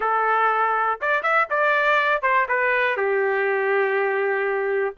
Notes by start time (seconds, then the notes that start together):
0.00 A4
1.01 D5
1.22 E5
1.50 D5
2.22 C5
2.48 B4
2.96 G4